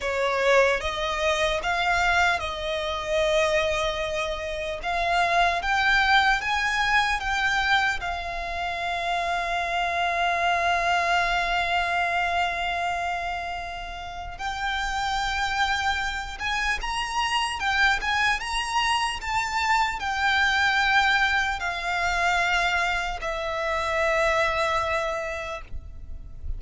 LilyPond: \new Staff \with { instrumentName = "violin" } { \time 4/4 \tempo 4 = 75 cis''4 dis''4 f''4 dis''4~ | dis''2 f''4 g''4 | gis''4 g''4 f''2~ | f''1~ |
f''2 g''2~ | g''8 gis''8 ais''4 g''8 gis''8 ais''4 | a''4 g''2 f''4~ | f''4 e''2. | }